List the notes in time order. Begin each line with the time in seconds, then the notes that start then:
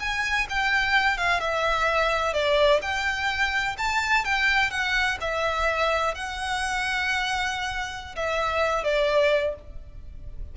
0.00 G#5
0.50 G5
1.17 F5
1.40 E5
2.34 D5
2.82 G5
3.78 A5
4.25 G5
4.71 F#5
5.21 E5
6.15 F#5
8.16 E5
8.84 D5